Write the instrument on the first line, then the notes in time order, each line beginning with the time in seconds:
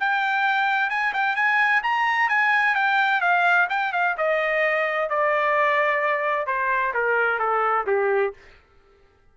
trumpet
0.00 G5
0.90 G#5
1.14 G5
1.36 G#5
1.83 A#5
2.29 G#5
2.75 G5
3.21 F5
3.70 G5
3.93 F5
4.18 D#5
5.10 D5
6.47 C5
6.94 A#4
7.39 A4
7.87 G4